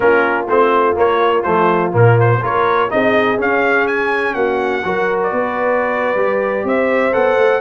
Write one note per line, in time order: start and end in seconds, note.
0.00 0.48 A#3
0.00 0.47 C#4
0.00 2.40 F4
0.00 0.46 A#4
0.48 0.97 A3
0.48 0.94 C4
0.48 0.97 C5
0.94 1.43 A#3
0.94 1.46 A#3
0.94 1.42 C#5
1.42 1.93 F3
1.42 1.92 A3
1.42 1.91 C5
1.92 2.41 A#2
1.92 2.40 A#3
1.92 2.20 A#4
2.20 2.44 C5
2.40 2.91 A#3
2.40 2.89 F4
2.40 2.89 A#4
2.40 2.90 C#5
2.89 3.39 C4
2.89 3.37 D#4
2.89 4.35 G#4
2.89 3.39 D#5
3.37 4.82 C#4
3.37 4.34 C#4
3.37 3.87 F5
3.87 4.34 G#5
4.34 4.83 A#3
4.34 4.84 F#4
4.34 5.18 F#5
4.83 5.31 F#3
4.83 6.16 F#4
4.83 5.33 A#4
5.22 6.67 D5
5.31 6.15 B3
5.31 6.66 B4
6.15 6.63 G3
6.15 7.12 G4
6.64 7.12 C4
6.64 7.60 C5
6.64 7.13 E5
7.12 7.37 B3
7.12 7.60 A4
7.12 7.60 F#5
7.37 7.60 A3